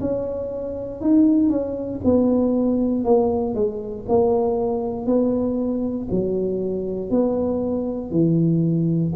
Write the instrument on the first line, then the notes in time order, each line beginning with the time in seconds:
tuba
0.00 C#4
1.01 D#4
1.49 C#4
2.04 B3
3.05 A#3
3.55 G#3
4.08 A#3
5.06 B3
6.11 F#3
7.10 B3
8.11 E3